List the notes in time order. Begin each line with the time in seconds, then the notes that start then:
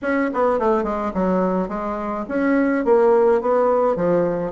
0.02 C#4
0.33 B3
0.59 A3
0.83 G#3
1.14 F#3
1.68 G#3
2.28 C#4
2.85 A#3
3.41 B3
3.95 F3